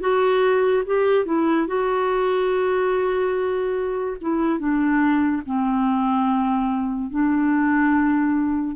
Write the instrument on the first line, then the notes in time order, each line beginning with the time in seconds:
clarinet
0.00 F#4
0.86 G4
1.26 E4
1.67 F#4
4.21 E4
4.59 D4
5.46 C4
7.10 D4